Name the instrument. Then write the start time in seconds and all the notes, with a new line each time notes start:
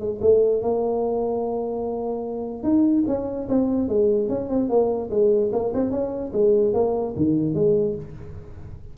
tuba
0.00 G#3
0.22 A3
0.62 A#3
2.63 D#4
3.07 C#4
3.49 C4
3.88 G#3
4.29 C#4
4.49 C4
4.69 A#3
5.11 G#3
5.53 A#3
5.74 C4
5.91 C#4
6.33 G#3
6.74 A#3
7.17 D#3
7.55 G#3